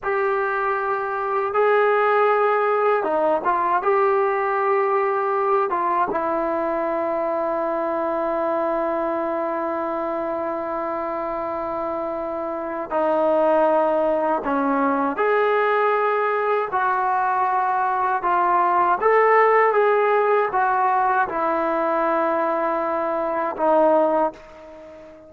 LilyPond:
\new Staff \with { instrumentName = "trombone" } { \time 4/4 \tempo 4 = 79 g'2 gis'2 | dis'8 f'8 g'2~ g'8 f'8 | e'1~ | e'1~ |
e'4 dis'2 cis'4 | gis'2 fis'2 | f'4 a'4 gis'4 fis'4 | e'2. dis'4 | }